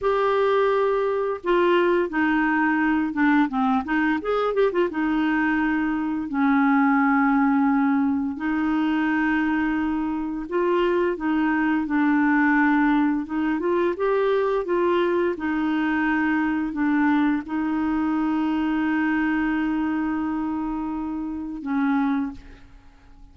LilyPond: \new Staff \with { instrumentName = "clarinet" } { \time 4/4 \tempo 4 = 86 g'2 f'4 dis'4~ | dis'8 d'8 c'8 dis'8 gis'8 g'16 f'16 dis'4~ | dis'4 cis'2. | dis'2. f'4 |
dis'4 d'2 dis'8 f'8 | g'4 f'4 dis'2 | d'4 dis'2.~ | dis'2. cis'4 | }